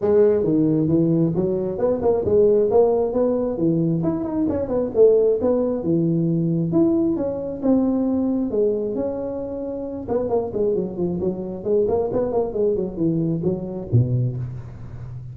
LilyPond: \new Staff \with { instrumentName = "tuba" } { \time 4/4 \tempo 4 = 134 gis4 dis4 e4 fis4 | b8 ais8 gis4 ais4 b4 | e4 e'8 dis'8 cis'8 b8 a4 | b4 e2 e'4 |
cis'4 c'2 gis4 | cis'2~ cis'8 b8 ais8 gis8 | fis8 f8 fis4 gis8 ais8 b8 ais8 | gis8 fis8 e4 fis4 b,4 | }